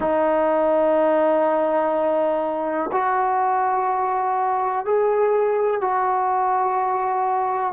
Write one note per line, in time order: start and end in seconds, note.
0.00 2.90 D#4
2.92 4.85 F#4
4.85 5.81 G#4
5.81 7.73 F#4